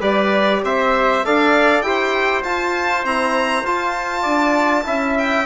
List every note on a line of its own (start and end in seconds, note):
0.00 0.61 G3
0.00 1.22 G4
0.00 0.61 B4
0.00 0.62 D5
0.64 1.24 C4
0.64 1.25 C5
0.64 1.25 E5
1.25 1.82 D4
1.25 1.83 A4
1.25 1.86 D5
1.25 1.82 F5
1.82 2.43 E4
1.82 2.43 G4
1.82 4.22 C5
1.82 2.42 G5
2.43 3.04 F4
2.43 3.06 F4
2.43 3.04 A5
3.04 3.64 C4
3.04 3.63 E4
3.04 3.66 A#5
3.63 4.24 F4
3.63 4.84 F4
3.63 5.17 A5
4.22 4.85 D4
4.22 4.83 D5
4.84 5.46 C#4
4.84 5.44 E4
4.84 5.46 E5
5.18 5.46 G5